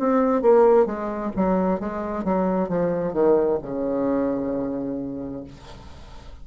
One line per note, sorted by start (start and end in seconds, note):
0.00 0.42 C4
0.42 0.86 A#3
0.86 1.31 G#3
1.36 1.81 F#3
1.81 2.25 G#3
2.25 2.69 F#3
2.69 3.14 F3
3.14 3.59 D#3
3.63 5.45 C#3